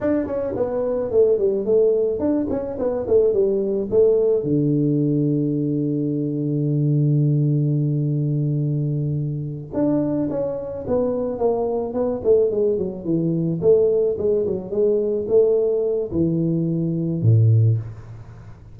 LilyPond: \new Staff \with { instrumentName = "tuba" } { \time 4/4 \tempo 4 = 108 d'8 cis'8 b4 a8 g8 a4 | d'8 cis'8 b8 a8 g4 a4 | d1~ | d1~ |
d4. d'4 cis'4 b8~ | b8 ais4 b8 a8 gis8 fis8 e8~ | e8 a4 gis8 fis8 gis4 a8~ | a4 e2 a,4 | }